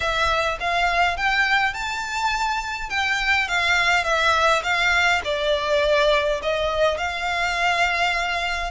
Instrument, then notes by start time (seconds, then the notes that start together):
violin
0.00 E5
0.60 F5
1.17 G5
1.73 A5
2.89 G5
3.48 F5
4.04 E5
4.63 F5
5.24 D5
6.42 D#5
6.97 F5